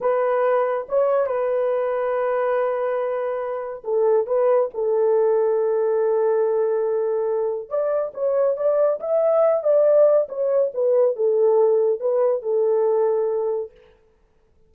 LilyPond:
\new Staff \with { instrumentName = "horn" } { \time 4/4 \tempo 4 = 140 b'2 cis''4 b'4~ | b'1~ | b'4 a'4 b'4 a'4~ | a'1~ |
a'2 d''4 cis''4 | d''4 e''4. d''4. | cis''4 b'4 a'2 | b'4 a'2. | }